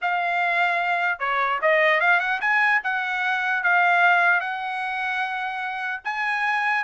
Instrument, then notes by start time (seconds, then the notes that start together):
trumpet
0.01 F5
1.19 C#5
1.61 D#5
2.00 F5
2.19 F#5
2.41 G#5
2.83 F#5
3.63 F5
4.40 F#5
6.04 G#5